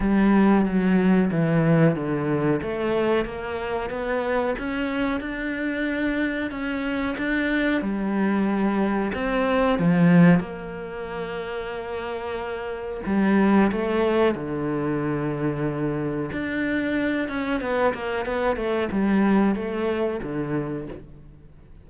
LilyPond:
\new Staff \with { instrumentName = "cello" } { \time 4/4 \tempo 4 = 92 g4 fis4 e4 d4 | a4 ais4 b4 cis'4 | d'2 cis'4 d'4 | g2 c'4 f4 |
ais1 | g4 a4 d2~ | d4 d'4. cis'8 b8 ais8 | b8 a8 g4 a4 d4 | }